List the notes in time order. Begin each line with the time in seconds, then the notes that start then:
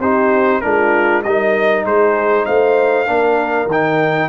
0.00 C4 D#4 G4 C5
0.61 G#3 D4 F4 A#4
1.24 G3 D#4 A#4 D#5
1.85 G#3 G#4 C5
2.45 A3 C5 F5
3.07 A#3 D4 A#4
3.67 D#3 G5
3.73 D#4